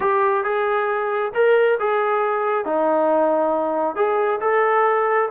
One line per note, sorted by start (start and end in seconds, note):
0.00 0.44 G4
0.44 1.32 G#4
1.34 1.78 A#4
1.79 2.65 G#4
2.65 3.95 D#4
3.95 4.39 G#4
4.41 5.29 A4